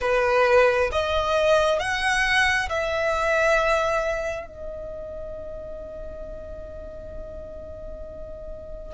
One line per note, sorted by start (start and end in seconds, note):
0.00 0.90 B4
0.92 1.79 D#5
1.79 2.69 F#5
2.69 4.47 E5
4.47 8.94 D#5